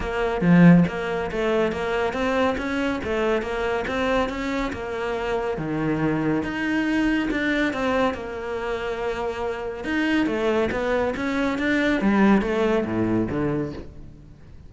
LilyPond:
\new Staff \with { instrumentName = "cello" } { \time 4/4 \tempo 4 = 140 ais4 f4 ais4 a4 | ais4 c'4 cis'4 a4 | ais4 c'4 cis'4 ais4~ | ais4 dis2 dis'4~ |
dis'4 d'4 c'4 ais4~ | ais2. dis'4 | a4 b4 cis'4 d'4 | g4 a4 a,4 d4 | }